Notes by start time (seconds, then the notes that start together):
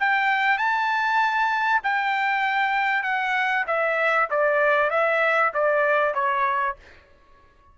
0.00 G5
0.58 A5
1.83 G5
3.03 F#5
3.67 E5
4.30 D5
4.90 E5
5.54 D5
6.14 C#5